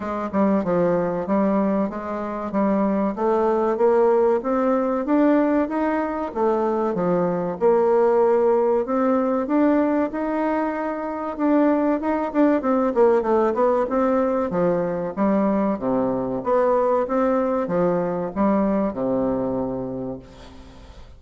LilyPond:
\new Staff \with { instrumentName = "bassoon" } { \time 4/4 \tempo 4 = 95 gis8 g8 f4 g4 gis4 | g4 a4 ais4 c'4 | d'4 dis'4 a4 f4 | ais2 c'4 d'4 |
dis'2 d'4 dis'8 d'8 | c'8 ais8 a8 b8 c'4 f4 | g4 c4 b4 c'4 | f4 g4 c2 | }